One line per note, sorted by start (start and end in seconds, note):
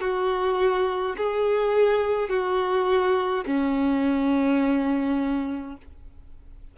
0.00 1.15 F#4
1.17 2.29 G#4
2.29 3.44 F#4
3.46 5.76 C#4